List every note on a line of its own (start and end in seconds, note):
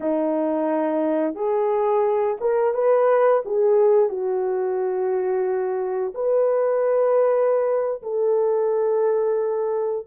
0.00 1.35 D#4
1.35 2.37 G#4
2.40 2.74 A#4
2.74 3.42 B4
3.45 4.09 G#4
4.09 6.13 F#4
6.14 8.01 B4
8.02 10.06 A4